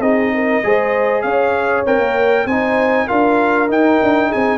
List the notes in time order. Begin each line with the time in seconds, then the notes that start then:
0.00 C4 D#4 G#4 D#5
0.34 A#4
0.63 G#3 G#4 C5
1.22 C#4 C#5 F5
1.86 C4 A#4 G5
1.99 A#3
2.46 C4 D#4 C5 G#5
3.07 D4 F4 A#4 F5
3.68 D#4 G5
4.03 D4
4.29 G#4 G#5
4.35 C4